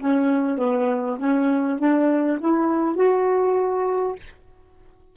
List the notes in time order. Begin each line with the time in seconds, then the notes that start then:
0.00 C#4
0.58 B3
1.19 C#4
1.79 D4
2.41 E4
2.96 F#4